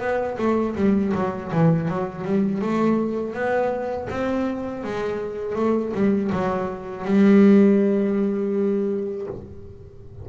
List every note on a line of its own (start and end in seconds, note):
0.00 0.37 B3
0.38 0.75 A3
0.76 1.13 G3
1.14 1.52 F#3
1.52 1.88 E3
1.88 2.25 F#3
2.25 2.62 G3
2.62 3.34 A3
3.34 4.08 B3
4.10 4.84 C4
4.84 5.56 G#3
5.56 5.93 A3
5.94 6.31 G3
6.32 7.05 F#3
7.05 9.27 G3